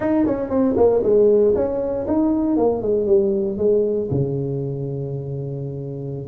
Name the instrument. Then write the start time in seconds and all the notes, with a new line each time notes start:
tuba
0.00 D#4
0.26 C#4
0.49 C4
0.76 A#3
1.03 G#3
1.55 C#4
2.07 D#4
2.56 A#3
2.82 G#3
3.06 G3
3.57 G#3
4.10 C#3